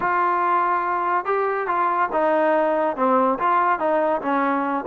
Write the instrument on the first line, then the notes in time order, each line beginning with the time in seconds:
trombone
0.00 F4
1.25 G4
1.67 F4
2.12 D#4
2.96 C4
3.39 F4
3.79 D#4
4.21 C#4